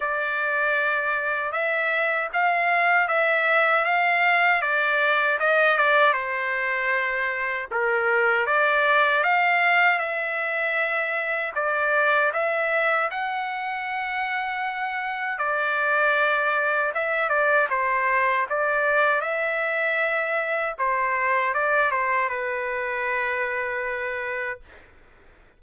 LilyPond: \new Staff \with { instrumentName = "trumpet" } { \time 4/4 \tempo 4 = 78 d''2 e''4 f''4 | e''4 f''4 d''4 dis''8 d''8 | c''2 ais'4 d''4 | f''4 e''2 d''4 |
e''4 fis''2. | d''2 e''8 d''8 c''4 | d''4 e''2 c''4 | d''8 c''8 b'2. | }